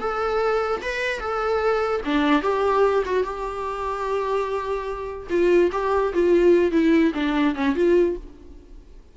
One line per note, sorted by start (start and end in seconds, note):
0.00 0.82 A4
0.82 1.20 B4
1.20 2.01 A4
2.05 2.42 D4
2.42 3.04 G4
3.06 3.24 F#4
3.24 5.28 G4
5.30 5.71 F4
5.72 6.13 G4
6.14 6.72 F4
6.72 7.12 E4
7.14 7.55 D4
7.55 7.76 C#4
7.76 8.16 F4